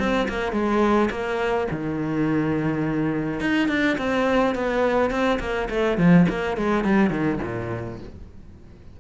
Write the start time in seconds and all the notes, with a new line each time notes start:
0.00 C4
0.29 A#3
0.53 G#3
1.11 A#3
1.71 D#3
3.41 D#4
3.69 D4
3.98 C4
4.56 B3
5.11 C4
5.41 A#3
5.70 A3
5.98 F3
6.29 A#3
6.58 G#3
6.85 G3
7.11 D#3
7.43 A#2